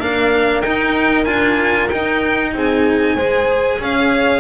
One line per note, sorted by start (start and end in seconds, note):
0.00 0.63 A#3
0.00 0.64 D4
0.00 2.54 A#4
0.00 0.62 F5
0.62 1.26 D#4
0.62 1.25 G5
1.25 1.90 D4
1.25 1.89 F4
1.25 1.88 G#5
1.89 2.54 D#4
1.89 3.18 D#4
1.89 2.52 G5
2.54 3.16 C4
2.54 3.15 G#4
2.54 3.83 G#5
3.15 3.80 G#3
3.15 4.41 G#4
3.15 3.79 C5
3.80 4.41 C#4
3.80 4.41 C#5
3.80 4.41 F5